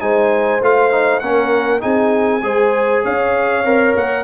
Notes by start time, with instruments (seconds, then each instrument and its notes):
0.00 tuba G#3, trombone D#4, horn C5, trumpet G#5
0.61 tuba A3, trombone F4, trumpet F5
0.91 trombone D#4
1.19 tuba A#3, trombone C#4, horn A#4, trumpet F#5
1.80 tuba C4, trombone D#4, horn G#4, trumpet G#5
2.42 tuba G#3, trombone G#4, horn C5
3.04 tuba C#4, horn C#5, trumpet F5
3.64 tuba C4, trombone A#4
3.95 tuba A#3, trumpet F#5